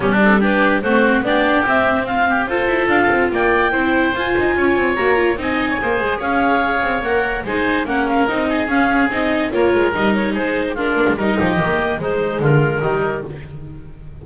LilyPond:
<<
  \new Staff \with { instrumentName = "clarinet" } { \time 4/4 \tempo 4 = 145 g'8 a'8 b'4 c''4 d''4 | e''4 f''4 c''4 f''4 | g''2 gis''2 | ais''4 gis''2 f''4~ |
f''4 fis''4 gis''4 fis''8 f''8 | dis''4 f''4 dis''4 cis''4 | dis''8 cis''8 c''4 ais'4 dis''4~ | dis''4 c''4 ais'2 | }
  \new Staff \with { instrumentName = "oboe" } { \time 4/4 d'4 g'4 fis'4 g'4~ | g'4 f'8 g'8 a'2 | d''4 c''2 cis''4~ | cis''4 dis''8. cis''16 c''4 cis''4~ |
cis''2 c''4 ais'4~ | ais'8 gis'2~ gis'8 ais'4~ | ais'4 gis'8. g'16 f'4 ais'8 g'8~ | g'4 dis'4 f'4 dis'4 | }
  \new Staff \with { instrumentName = "viola" } { \time 4/4 b8 c'8 d'4 c'4 d'4 | c'2 f'2~ | f'4 e'4 f'2 | fis'8 f'8 dis'4 gis'2~ |
gis'4 ais'4 dis'4 cis'4 | dis'4 cis'4 dis'4 f'4 | dis'2 d'4 dis'4 | ais4 gis2 g4 | }
  \new Staff \with { instrumentName = "double bass" } { \time 4/4 g2 a4 b4 | c'2 f'8 e'8 d'8 c'8 | ais4 c'4 f'8 dis'8 cis'8 c'8 | ais4 c'4 ais8 gis8 cis'4~ |
cis'8 c'8 ais4 gis4 ais4 | c'4 cis'4 c'4 ais8 gis8 | g4 gis4. ais16 gis16 g8 f8 | dis4 gis4 d4 dis4 | }
>>